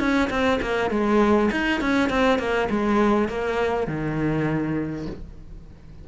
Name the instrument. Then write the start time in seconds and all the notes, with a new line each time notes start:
cello
0.00 C#4
0.31 C4
0.62 A#3
0.91 G#3
1.51 D#4
1.81 C#4
2.10 C4
2.39 A#3
2.71 G#3
3.29 A#3
3.88 D#3